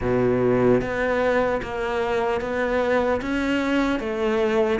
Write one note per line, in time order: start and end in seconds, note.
0.01 0.81 B2
0.81 1.61 B3
1.62 2.40 A#3
2.40 3.20 B3
3.21 3.99 C#4
3.99 4.79 A3